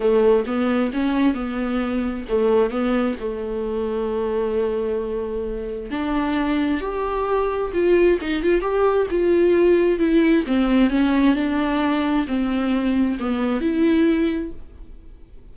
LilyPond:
\new Staff \with { instrumentName = "viola" } { \time 4/4 \tempo 4 = 132 a4 b4 cis'4 b4~ | b4 a4 b4 a4~ | a1~ | a4 d'2 g'4~ |
g'4 f'4 dis'8 f'8 g'4 | f'2 e'4 c'4 | cis'4 d'2 c'4~ | c'4 b4 e'2 | }